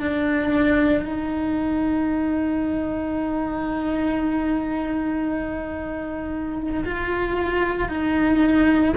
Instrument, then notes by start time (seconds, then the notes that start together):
cello
0.00 D4
1.05 D#4
6.85 F4
7.89 D#4